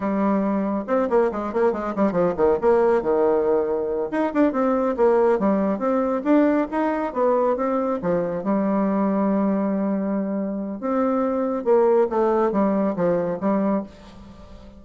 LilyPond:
\new Staff \with { instrumentName = "bassoon" } { \time 4/4 \tempo 4 = 139 g2 c'8 ais8 gis8 ais8 | gis8 g8 f8 dis8 ais4 dis4~ | dis4. dis'8 d'8 c'4 ais8~ | ais8 g4 c'4 d'4 dis'8~ |
dis'8 b4 c'4 f4 g8~ | g1~ | g4 c'2 ais4 | a4 g4 f4 g4 | }